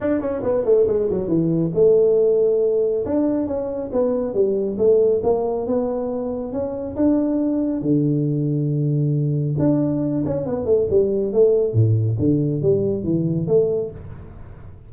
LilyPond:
\new Staff \with { instrumentName = "tuba" } { \time 4/4 \tempo 4 = 138 d'8 cis'8 b8 a8 gis8 fis8 e4 | a2. d'4 | cis'4 b4 g4 a4 | ais4 b2 cis'4 |
d'2 d2~ | d2 d'4. cis'8 | b8 a8 g4 a4 a,4 | d4 g4 e4 a4 | }